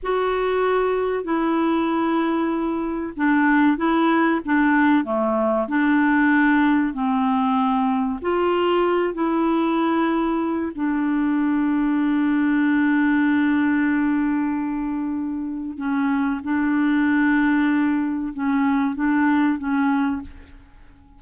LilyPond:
\new Staff \with { instrumentName = "clarinet" } { \time 4/4 \tempo 4 = 95 fis'2 e'2~ | e'4 d'4 e'4 d'4 | a4 d'2 c'4~ | c'4 f'4. e'4.~ |
e'4 d'2.~ | d'1~ | d'4 cis'4 d'2~ | d'4 cis'4 d'4 cis'4 | }